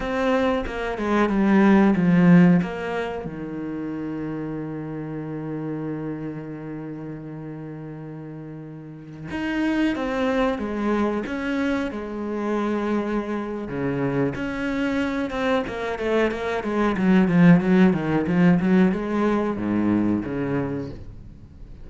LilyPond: \new Staff \with { instrumentName = "cello" } { \time 4/4 \tempo 4 = 92 c'4 ais8 gis8 g4 f4 | ais4 dis2.~ | dis1~ | dis2~ dis16 dis'4 c'8.~ |
c'16 gis4 cis'4 gis4.~ gis16~ | gis4 cis4 cis'4. c'8 | ais8 a8 ais8 gis8 fis8 f8 fis8 dis8 | f8 fis8 gis4 gis,4 cis4 | }